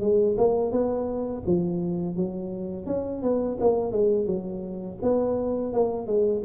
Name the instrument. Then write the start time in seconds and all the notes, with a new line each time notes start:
tuba
0.00 G#3
0.37 A#3
0.71 B3
1.46 F3
2.16 F#3
2.86 C#4
3.22 B3
3.60 A#3
3.91 G#3
4.26 F#3
5.02 B3
5.72 A#3
6.06 G#3